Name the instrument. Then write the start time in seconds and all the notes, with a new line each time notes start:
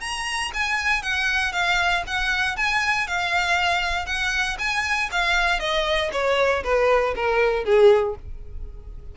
violin
0.00 A#5
0.53 G#5
1.02 F#5
1.52 F5
2.06 F#5
2.56 G#5
3.07 F5
4.06 F#5
4.59 G#5
5.11 F5
5.59 D#5
6.12 C#5
6.63 B4
7.15 A#4
7.64 G#4